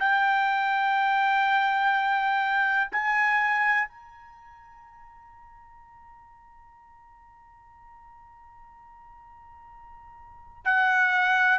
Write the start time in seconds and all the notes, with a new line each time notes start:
0.00 G5
2.92 G#5
3.89 A#5
10.65 F#5